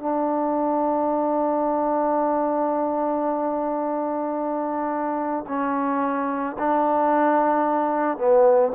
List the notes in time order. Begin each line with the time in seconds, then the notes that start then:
0.00 D4
5.47 C#4
6.59 D4
8.18 B3